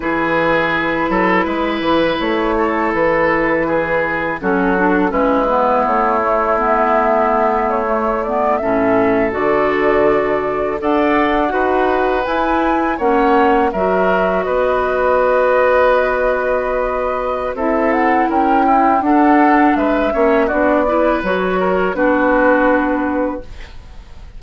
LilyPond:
<<
  \new Staff \with { instrumentName = "flute" } { \time 4/4 \tempo 4 = 82 b'2. cis''4 | b'2 a'4 b'4 | cis''4 e''4. cis''8. d''8 e''16~ | e''8. d''2 fis''4~ fis''16~ |
fis''8. gis''4 fis''4 e''4 dis''16~ | dis''1 | e''8 fis''8 g''4 fis''4 e''4 | d''4 cis''4 b'2 | }
  \new Staff \with { instrumentName = "oboe" } { \time 4/4 gis'4. a'8 b'4. a'8~ | a'4 gis'4 fis'4 e'4~ | e'2.~ e'8. a'16~ | a'2~ a'8. d''4 b'16~ |
b'4.~ b'16 cis''4 ais'4 b'16~ | b'1 | a'4 ais'8 e'8 a'4 b'8 cis''8 | fis'8 b'4 ais'8 fis'2 | }
  \new Staff \with { instrumentName = "clarinet" } { \time 4/4 e'1~ | e'2 cis'8 d'8 cis'8 b8~ | b8 a8 b4.~ b16 a8 b8 cis'16~ | cis'8. fis'2 a'4 fis'16~ |
fis'8. e'4 cis'4 fis'4~ fis'16~ | fis'1 | e'2 d'4. cis'8 | d'8 e'8 fis'4 d'2 | }
  \new Staff \with { instrumentName = "bassoon" } { \time 4/4 e4. fis8 gis8 e8 a4 | e2 fis4 gis4 | a2.~ a8. a,16~ | a,8. d2 d'4 dis'16~ |
dis'8. e'4 ais4 fis4 b16~ | b1 | c'4 cis'4 d'4 gis8 ais8 | b4 fis4 b2 | }
>>